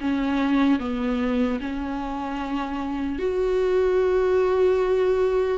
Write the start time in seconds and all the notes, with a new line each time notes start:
0.00 C#4
0.79 B3
1.60 C#4
3.19 F#4